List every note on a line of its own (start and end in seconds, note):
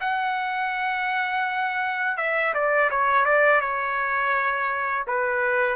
0.00 2.17 F#5
2.17 2.53 E5
2.53 2.89 D5
2.90 3.25 C#5
3.25 3.60 D5
3.60 5.05 C#5
5.07 5.76 B4